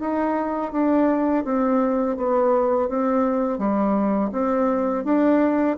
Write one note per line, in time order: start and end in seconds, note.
0.00 0.72 D#4
0.72 1.44 D4
1.44 2.17 C4
2.17 2.89 B3
2.89 3.58 C4
3.58 4.30 G3
4.32 5.04 C4
5.04 5.77 D4